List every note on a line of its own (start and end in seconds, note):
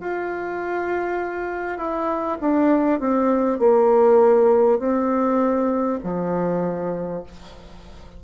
0.00 1.78 F4
1.78 2.38 E4
2.41 2.99 D4
2.99 3.59 C4
3.59 4.79 A#3
4.79 5.99 C4
6.03 7.23 F3